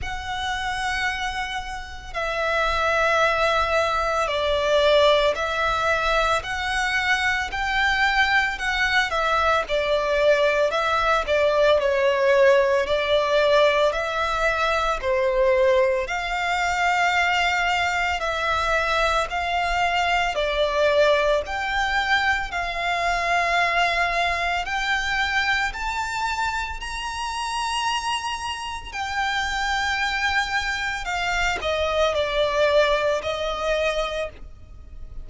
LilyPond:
\new Staff \with { instrumentName = "violin" } { \time 4/4 \tempo 4 = 56 fis''2 e''2 | d''4 e''4 fis''4 g''4 | fis''8 e''8 d''4 e''8 d''8 cis''4 | d''4 e''4 c''4 f''4~ |
f''4 e''4 f''4 d''4 | g''4 f''2 g''4 | a''4 ais''2 g''4~ | g''4 f''8 dis''8 d''4 dis''4 | }